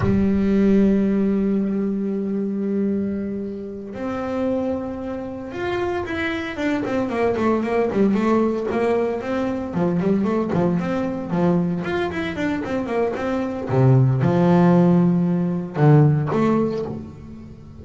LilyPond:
\new Staff \with { instrumentName = "double bass" } { \time 4/4 \tempo 4 = 114 g1~ | g2.~ g8 c'8~ | c'2~ c'8 f'4 e'8~ | e'8 d'8 c'8 ais8 a8 ais8 g8 a8~ |
a8 ais4 c'4 f8 g8 a8 | f8 c'4 f4 f'8 e'8 d'8 | c'8 ais8 c'4 c4 f4~ | f2 d4 a4 | }